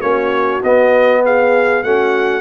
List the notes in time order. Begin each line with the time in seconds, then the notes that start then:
0.00 A#3 C#4 F#4 C#5
0.63 B3 D#5
1.24 G#4 F5
1.83 A3 C#4 F#4 F#5